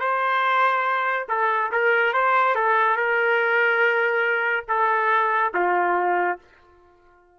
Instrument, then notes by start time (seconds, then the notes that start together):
trumpet
0.00 C5
1.29 A4
1.72 A#4
2.14 C5
2.55 A4
2.97 A#4
4.68 A4
5.54 F4